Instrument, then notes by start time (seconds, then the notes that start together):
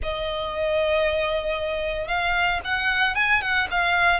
violin
0.03 D#5
2.07 F5
2.64 F#5
3.15 G#5
3.41 F#5
3.71 F5